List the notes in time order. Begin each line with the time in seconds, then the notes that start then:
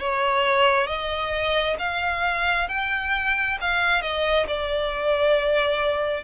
0.00 C#5
0.87 D#5
1.79 F5
2.68 G5
3.61 F5
4.01 D#5
4.47 D5